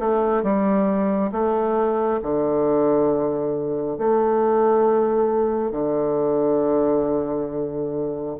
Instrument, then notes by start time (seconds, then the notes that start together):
bassoon
0.00 A3
0.43 G3
1.32 A3
2.23 D3
3.98 A3
5.72 D3